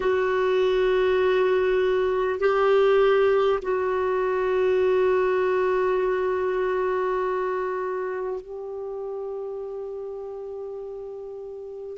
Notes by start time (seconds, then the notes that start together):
0.00 F#4
2.39 G4
3.62 F#4
8.41 G4